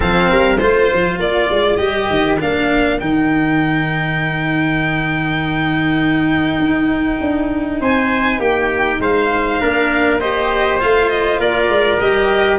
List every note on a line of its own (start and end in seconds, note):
0.00 0.31 F3
0.00 0.57 C4
0.00 0.29 A4
0.00 0.57 F5
0.29 0.61 G3
0.29 0.59 A#4
0.57 0.91 A3
0.57 1.78 F4
0.57 1.17 C5
0.57 1.20 C5
0.93 1.18 F3
1.18 1.48 A#3
1.18 7.80 A#4
1.18 1.76 D5
1.50 1.79 G#3
1.76 2.09 G3
1.76 2.38 G4
1.76 2.36 D#5
2.10 2.40 D#3
2.39 3.01 A#3
2.39 2.99 D4
2.39 2.99 F5
2.99 6.59 D#3
2.99 9.60 D#4
2.99 7.79 G5
6.59 7.19 D#4
7.20 7.80 D4
7.80 8.38 C4
7.80 8.39 C5
7.80 8.41 G#5
8.38 8.98 A#3
8.38 8.99 G4
8.38 9.01 G5
8.99 9.59 G#3
8.99 9.60 C5
8.99 10.20 F5
9.60 10.82 A#3
9.60 10.20 D4
9.60 10.20 A#4
10.20 10.79 G4
10.20 11.40 C5
10.20 10.80 D#5
10.79 11.38 A3
10.79 11.99 F4
10.79 11.09 F5
11.09 11.39 D#5
11.38 11.68 A#3
11.38 12.58 A#4
11.38 11.99 D5
11.68 11.98 G#3
11.99 12.58 G3
11.99 12.58 G4
11.99 12.58 D#5